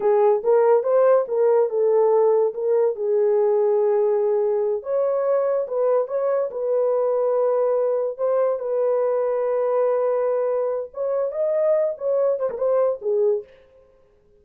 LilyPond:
\new Staff \with { instrumentName = "horn" } { \time 4/4 \tempo 4 = 143 gis'4 ais'4 c''4 ais'4 | a'2 ais'4 gis'4~ | gis'2.~ gis'8 cis''8~ | cis''4. b'4 cis''4 b'8~ |
b'2.~ b'8 c''8~ | c''8 b'2.~ b'8~ | b'2 cis''4 dis''4~ | dis''8 cis''4 c''16 ais'16 c''4 gis'4 | }